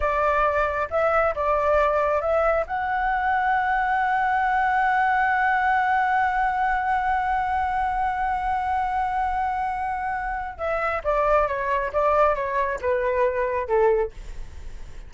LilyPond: \new Staff \with { instrumentName = "flute" } { \time 4/4 \tempo 4 = 136 d''2 e''4 d''4~ | d''4 e''4 fis''2~ | fis''1~ | fis''1~ |
fis''1~ | fis''1 | e''4 d''4 cis''4 d''4 | cis''4 b'2 a'4 | }